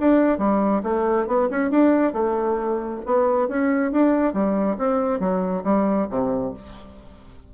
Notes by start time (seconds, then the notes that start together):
0.00 D4
0.38 G3
0.83 A3
1.27 B3
1.50 C#4
1.71 D4
2.13 A3
3.06 B3
3.48 C#4
3.92 D4
4.33 G3
4.78 C4
5.20 F#3
5.64 G3
6.10 C3